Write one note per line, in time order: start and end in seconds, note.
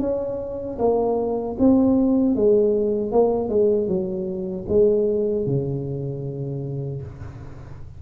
0.00 0.78 C#4
0.79 1.57 A#3
1.59 2.36 C4
2.36 3.12 G#3
3.12 3.49 A#3
3.49 3.88 G#3
3.88 4.66 F#3
4.69 5.46 G#3
5.46 7.02 C#3